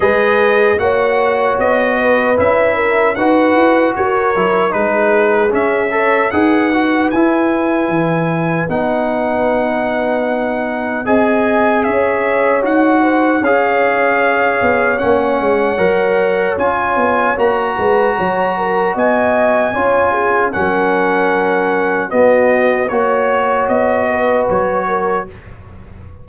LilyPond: <<
  \new Staff \with { instrumentName = "trumpet" } { \time 4/4 \tempo 4 = 76 dis''4 fis''4 dis''4 e''4 | fis''4 cis''4 b'4 e''4 | fis''4 gis''2 fis''4~ | fis''2 gis''4 e''4 |
fis''4 f''2 fis''4~ | fis''4 gis''4 ais''2 | gis''2 fis''2 | dis''4 cis''4 dis''4 cis''4 | }
  \new Staff \with { instrumentName = "horn" } { \time 4/4 b'4 cis''4. b'4 ais'8 | b'4 ais'4 gis'4. cis''8 | b'1~ | b'2 dis''4 cis''4~ |
cis''8 c''8 cis''2.~ | cis''2~ cis''8 b'8 cis''8 ais'8 | dis''4 cis''8 gis'8 ais'2 | fis'4 cis''4. b'4 ais'8 | }
  \new Staff \with { instrumentName = "trombone" } { \time 4/4 gis'4 fis'2 e'4 | fis'4. e'8 dis'4 cis'8 a'8 | gis'8 fis'8 e'2 dis'4~ | dis'2 gis'2 |
fis'4 gis'2 cis'4 | ais'4 f'4 fis'2~ | fis'4 f'4 cis'2 | b4 fis'2. | }
  \new Staff \with { instrumentName = "tuba" } { \time 4/4 gis4 ais4 b4 cis'4 | dis'8 e'8 fis'8 fis8 gis4 cis'4 | dis'4 e'4 e4 b4~ | b2 c'4 cis'4 |
dis'4 cis'4. b8 ais8 gis8 | fis4 cis'8 b8 ais8 gis8 fis4 | b4 cis'4 fis2 | b4 ais4 b4 fis4 | }
>>